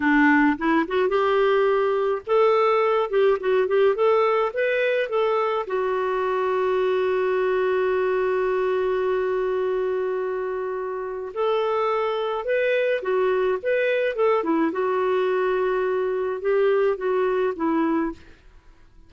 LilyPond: \new Staff \with { instrumentName = "clarinet" } { \time 4/4 \tempo 4 = 106 d'4 e'8 fis'8 g'2 | a'4. g'8 fis'8 g'8 a'4 | b'4 a'4 fis'2~ | fis'1~ |
fis'1 | a'2 b'4 fis'4 | b'4 a'8 e'8 fis'2~ | fis'4 g'4 fis'4 e'4 | }